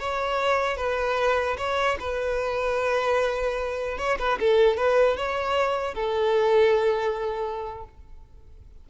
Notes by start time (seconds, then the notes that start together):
0.00 C#5
0.77 B4
1.58 C#5
2.00 B4
3.98 C#5
4.19 B4
4.40 A4
4.77 B4
5.17 C#5
5.95 A4